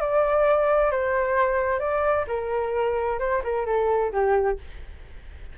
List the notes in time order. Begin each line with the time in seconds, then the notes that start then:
0.00 D5
0.91 C5
1.79 D5
2.27 A#4
3.19 C5
3.43 A#4
3.66 A4
4.12 G4